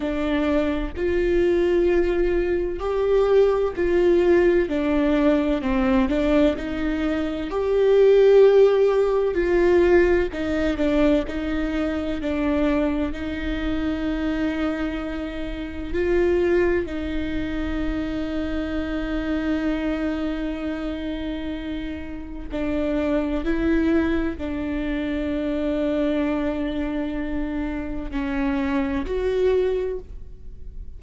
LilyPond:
\new Staff \with { instrumentName = "viola" } { \time 4/4 \tempo 4 = 64 d'4 f'2 g'4 | f'4 d'4 c'8 d'8 dis'4 | g'2 f'4 dis'8 d'8 | dis'4 d'4 dis'2~ |
dis'4 f'4 dis'2~ | dis'1 | d'4 e'4 d'2~ | d'2 cis'4 fis'4 | }